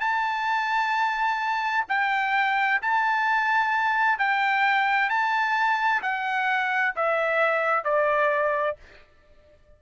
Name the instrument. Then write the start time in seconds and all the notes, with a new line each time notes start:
trumpet
0.00 A5
1.88 G5
2.82 A5
4.18 G5
5.09 A5
6.02 F#5
6.95 E5
7.84 D5